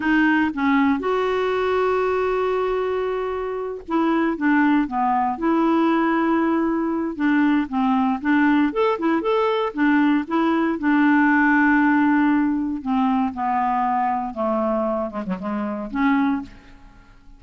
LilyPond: \new Staff \with { instrumentName = "clarinet" } { \time 4/4 \tempo 4 = 117 dis'4 cis'4 fis'2~ | fis'2.~ fis'8 e'8~ | e'8 d'4 b4 e'4.~ | e'2 d'4 c'4 |
d'4 a'8 e'8 a'4 d'4 | e'4 d'2.~ | d'4 c'4 b2 | a4. gis16 fis16 gis4 cis'4 | }